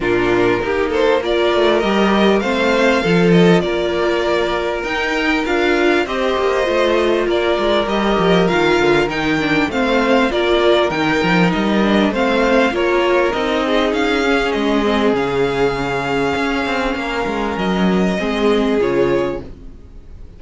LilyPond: <<
  \new Staff \with { instrumentName = "violin" } { \time 4/4 \tempo 4 = 99 ais'4. c''8 d''4 dis''4 | f''4. dis''8 d''2 | g''4 f''4 dis''2 | d''4 dis''4 f''4 g''4 |
f''4 d''4 g''4 dis''4 | f''4 cis''4 dis''4 f''4 | dis''4 f''2.~ | f''4 dis''2 cis''4 | }
  \new Staff \with { instrumentName = "violin" } { \time 4/4 f'4 g'8 a'8 ais'2 | c''4 a'4 ais'2~ | ais'2 c''2 | ais'1 |
c''4 ais'2. | c''4 ais'4. gis'4.~ | gis'1 | ais'2 gis'2 | }
  \new Staff \with { instrumentName = "viola" } { \time 4/4 d'4 dis'4 f'4 g'4 | c'4 f'2. | dis'4 f'4 g'4 f'4~ | f'4 g'4 f'4 dis'8 d'8 |
c'4 f'4 dis'4. d'8 | c'4 f'4 dis'4. cis'8~ | cis'8 c'8 cis'2.~ | cis'2 c'4 f'4 | }
  \new Staff \with { instrumentName = "cello" } { \time 4/4 ais,4 ais4. a8 g4 | a4 f4 ais2 | dis'4 d'4 c'8 ais8 a4 | ais8 gis8 g8 f8 dis8 d8 dis4 |
a4 ais4 dis8 f8 g4 | a4 ais4 c'4 cis'4 | gis4 cis2 cis'8 c'8 | ais8 gis8 fis4 gis4 cis4 | }
>>